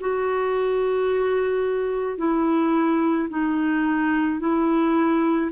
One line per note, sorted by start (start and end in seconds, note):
0.00 2.17 F#4
2.17 3.28 E4
3.29 4.39 D#4
4.39 5.51 E4